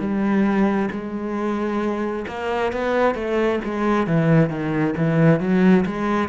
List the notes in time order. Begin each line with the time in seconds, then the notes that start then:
0.00 G3
0.92 G#3
2.28 A#3
2.72 B3
3.15 A3
3.65 G#3
4.07 E3
4.50 D#3
4.97 E3
5.40 F#3
5.86 G#3